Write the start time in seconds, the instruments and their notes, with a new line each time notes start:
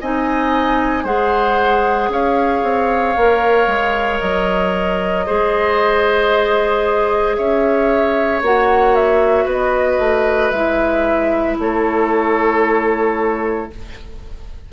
0.00 bassoon C4, clarinet D#4, oboe D#5, flute G#5
1.03 bassoon G#3, clarinet G#4, oboe C5, flute F#5
2.08 bassoon C#4, oboe C#5, flute F5
2.62 bassoon C4
3.16 bassoon A#3, clarinet A#4
3.66 bassoon G#3
4.19 bassoon F#3, flute D#5
5.26 bassoon G#3, clarinet G#4, oboe C5
7.36 bassoon C#4, oboe C#5, flute E5
8.42 bassoon A#3, clarinet F#4, flute F#5
8.95 flute E5
9.45 bassoon B3, oboe B4, flute D#5
9.98 bassoon A3
10.50 bassoon G#3, clarinet E4, flute E5
11.58 bassoon A3, oboe A4, flute C#5